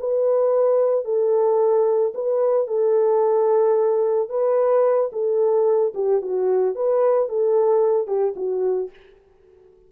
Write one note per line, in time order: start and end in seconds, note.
0.00 1.05 B4
1.05 2.13 A4
2.15 2.68 B4
2.68 4.29 A4
4.29 5.11 B4
5.13 5.94 A4
5.95 6.22 G4
6.22 6.75 F#4
6.75 7.29 B4
7.29 8.07 A4
8.07 8.34 G4
8.36 8.90 F#4